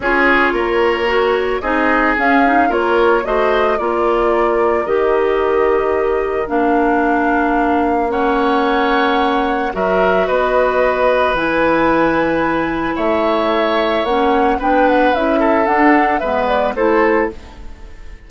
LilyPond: <<
  \new Staff \with { instrumentName = "flute" } { \time 4/4 \tempo 4 = 111 cis''2. dis''4 | f''4 cis''4 dis''4 d''4~ | d''4 dis''2. | f''2. fis''4~ |
fis''2 e''4 dis''4~ | dis''4 gis''2. | e''2 fis''4 g''8 fis''8 | e''4 fis''4 e''8 d''8 c''4 | }
  \new Staff \with { instrumentName = "oboe" } { \time 4/4 gis'4 ais'2 gis'4~ | gis'4 ais'4 c''4 ais'4~ | ais'1~ | ais'2. cis''4~ |
cis''2 ais'4 b'4~ | b'1 | cis''2. b'4~ | b'8 a'4. b'4 a'4 | }
  \new Staff \with { instrumentName = "clarinet" } { \time 4/4 f'2 fis'4 dis'4 | cis'8 dis'8 f'4 fis'4 f'4~ | f'4 g'2. | d'2. cis'4~ |
cis'2 fis'2~ | fis'4 e'2.~ | e'2 cis'4 d'4 | e'4 d'4 b4 e'4 | }
  \new Staff \with { instrumentName = "bassoon" } { \time 4/4 cis'4 ais2 c'4 | cis'4 ais4 a4 ais4~ | ais4 dis2. | ais1~ |
ais2 fis4 b4~ | b4 e2. | a2 ais4 b4 | cis'4 d'4 gis4 a4 | }
>>